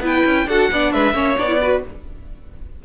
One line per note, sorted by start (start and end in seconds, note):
0.00 0.22 B3
0.00 0.47 E4
0.00 0.47 B4
0.06 0.48 G5
0.25 0.46 C#4
0.46 0.68 D4
0.46 0.71 F#4
0.46 0.70 A4
0.46 0.92 F#5
0.71 0.93 B3
0.71 1.14 D4
0.71 0.93 D5
0.92 1.13 G#3
0.92 1.14 B4
0.92 1.36 E5
1.13 1.35 A#3
1.13 1.36 C#4
1.13 1.58 C#5
1.37 1.83 B3
1.37 1.47 D4
1.37 1.82 D5
1.47 1.58 E4
1.61 1.84 F#4
1.61 1.83 B4